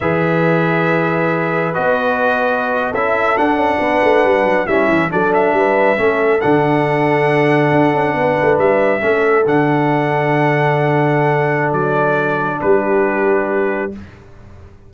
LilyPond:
<<
  \new Staff \with { instrumentName = "trumpet" } { \time 4/4 \tempo 4 = 138 e''1 | dis''2~ dis''8. e''4 fis''16~ | fis''2~ fis''8. e''4 d''16~ | d''16 e''2~ e''8 fis''4~ fis''16~ |
fis''2.~ fis''8. e''16~ | e''4.~ e''16 fis''2~ fis''16~ | fis''2. d''4~ | d''4 b'2. | }
  \new Staff \with { instrumentName = "horn" } { \time 4/4 b'1~ | b'2~ b'8. a'4~ a'16~ | a'8. b'2 e'4 a'16~ | a'8. b'4 a'2~ a'16~ |
a'2~ a'8. b'4~ b'16~ | b'8. a'2.~ a'16~ | a'1~ | a'4 g'2. | }
  \new Staff \with { instrumentName = "trombone" } { \time 4/4 gis'1 | fis'2~ fis'8. e'4 d'16~ | d'2~ d'8. cis'4 d'16~ | d'4.~ d'16 cis'4 d'4~ d'16~ |
d'1~ | d'8. cis'4 d'2~ d'16~ | d'1~ | d'1 | }
  \new Staff \with { instrumentName = "tuba" } { \time 4/4 e1 | b2~ b8. cis'4 d'16~ | d'16 cis'8 b8 a8 g8 fis8 g8 e8 fis16~ | fis8. g4 a4 d4~ d16~ |
d4.~ d16 d'8 cis'8 b8 a8 g16~ | g8. a4 d2~ d16~ | d2. fis4~ | fis4 g2. | }
>>